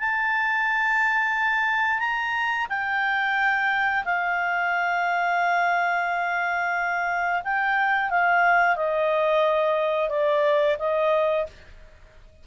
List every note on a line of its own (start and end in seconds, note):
0.00 1.99 A5
1.99 2.67 A#5
2.70 4.04 G5
4.05 7.42 F5
7.45 8.10 G5
8.10 8.76 F5
8.76 10.10 D#5
10.10 10.77 D5
10.79 11.47 D#5